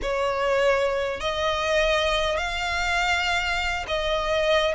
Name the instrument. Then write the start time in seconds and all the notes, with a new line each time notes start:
violin
0.02 C#5
1.20 D#5
2.37 F5
3.87 D#5